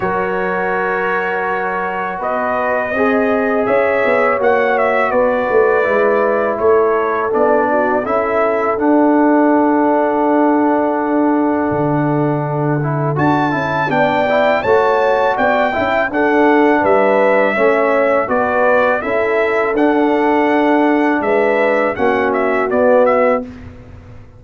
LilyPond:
<<
  \new Staff \with { instrumentName = "trumpet" } { \time 4/4 \tempo 4 = 82 cis''2. dis''4~ | dis''4 e''4 fis''8 e''8 d''4~ | d''4 cis''4 d''4 e''4 | fis''1~ |
fis''2 a''4 g''4 | a''4 g''4 fis''4 e''4~ | e''4 d''4 e''4 fis''4~ | fis''4 e''4 fis''8 e''8 d''8 e''8 | }
  \new Staff \with { instrumentName = "horn" } { \time 4/4 ais'2. b'4 | dis''4 cis''2 b'4~ | b'4 a'4. fis'8 a'4~ | a'1~ |
a'2. d''4 | cis''4 d''8 e''8 a'4 b'4 | cis''4 b'4 a'2~ | a'4 b'4 fis'2 | }
  \new Staff \with { instrumentName = "trombone" } { \time 4/4 fis'1 | gis'2 fis'2 | e'2 d'4 e'4 | d'1~ |
d'4. e'8 fis'8 e'8 d'8 e'8 | fis'4. e'8 d'2 | cis'4 fis'4 e'4 d'4~ | d'2 cis'4 b4 | }
  \new Staff \with { instrumentName = "tuba" } { \time 4/4 fis2. b4 | c'4 cis'8 b8 ais4 b8 a8 | gis4 a4 b4 cis'4 | d'1 |
d2 d'8 cis'8 b4 | a4 b8 cis'8 d'4 g4 | a4 b4 cis'4 d'4~ | d'4 gis4 ais4 b4 | }
>>